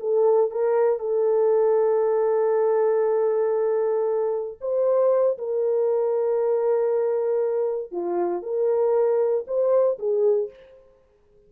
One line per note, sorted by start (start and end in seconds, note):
0.00 0.51 A4
0.51 0.99 A#4
0.99 4.58 A4
4.61 5.38 C5
5.38 7.91 A#4
7.91 8.43 F4
8.43 9.45 A#4
9.47 9.98 C5
9.99 10.50 G#4